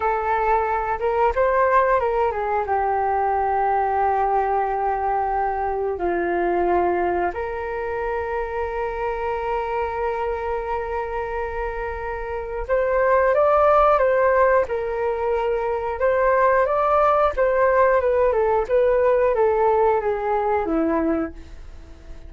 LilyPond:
\new Staff \with { instrumentName = "flute" } { \time 4/4 \tempo 4 = 90 a'4. ais'8 c''4 ais'8 gis'8 | g'1~ | g'4 f'2 ais'4~ | ais'1~ |
ais'2. c''4 | d''4 c''4 ais'2 | c''4 d''4 c''4 b'8 a'8 | b'4 a'4 gis'4 e'4 | }